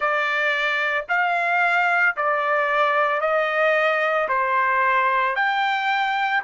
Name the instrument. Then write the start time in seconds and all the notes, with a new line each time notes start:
trumpet
0.00 D5
1.08 F5
2.16 D5
3.20 D#5
4.28 C5
5.35 G5